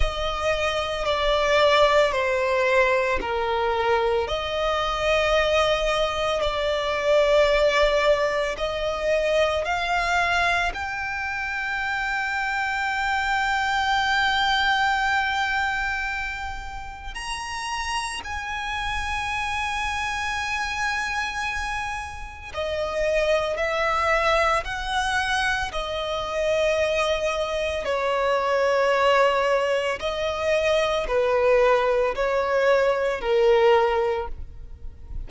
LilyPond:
\new Staff \with { instrumentName = "violin" } { \time 4/4 \tempo 4 = 56 dis''4 d''4 c''4 ais'4 | dis''2 d''2 | dis''4 f''4 g''2~ | g''1 |
ais''4 gis''2.~ | gis''4 dis''4 e''4 fis''4 | dis''2 cis''2 | dis''4 b'4 cis''4 ais'4 | }